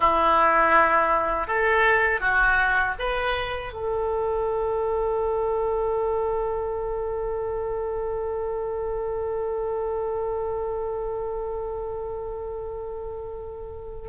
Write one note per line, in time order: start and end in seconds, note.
0.00 1.46 E4
1.46 2.20 A4
2.20 2.94 F#4
2.98 3.72 B4
3.72 14.08 A4